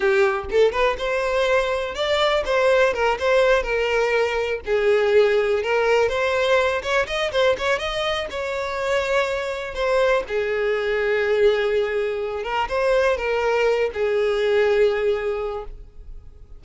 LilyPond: \new Staff \with { instrumentName = "violin" } { \time 4/4 \tempo 4 = 123 g'4 a'8 b'8 c''2 | d''4 c''4 ais'8 c''4 ais'8~ | ais'4. gis'2 ais'8~ | ais'8 c''4. cis''8 dis''8 c''8 cis''8 |
dis''4 cis''2. | c''4 gis'2.~ | gis'4. ais'8 c''4 ais'4~ | ais'8 gis'2.~ gis'8 | }